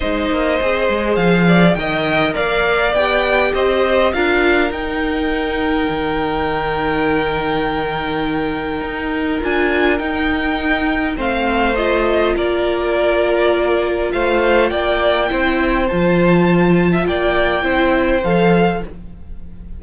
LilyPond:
<<
  \new Staff \with { instrumentName = "violin" } { \time 4/4 \tempo 4 = 102 dis''2 f''4 g''4 | f''4 g''4 dis''4 f''4 | g''1~ | g''1 |
gis''4 g''2 f''4 | dis''4 d''2. | f''4 g''2 a''4~ | a''4 g''2 f''4 | }
  \new Staff \with { instrumentName = "violin" } { \time 4/4 c''2~ c''8 d''8 dis''4 | d''2 c''4 ais'4~ | ais'1~ | ais'1~ |
ais'2. c''4~ | c''4 ais'2. | c''4 d''4 c''2~ | c''8. e''16 d''4 c''2 | }
  \new Staff \with { instrumentName = "viola" } { \time 4/4 dis'4 gis'2 ais'4~ | ais'4 g'2 f'4 | dis'1~ | dis'1 |
f'4 dis'2 c'4 | f'1~ | f'2 e'4 f'4~ | f'2 e'4 a'4 | }
  \new Staff \with { instrumentName = "cello" } { \time 4/4 gis8 ais8 c'8 gis8 f4 dis4 | ais4 b4 c'4 d'4 | dis'2 dis2~ | dis2. dis'4 |
d'4 dis'2 a4~ | a4 ais2. | a4 ais4 c'4 f4~ | f4 ais4 c'4 f4 | }
>>